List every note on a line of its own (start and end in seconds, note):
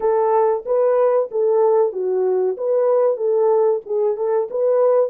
0.00 0.64 A4
0.65 1.29 B4
1.31 1.92 A4
1.92 2.56 F#4
2.57 3.16 B4
3.16 3.80 A4
3.85 4.16 G#4
4.16 4.48 A4
4.50 5.09 B4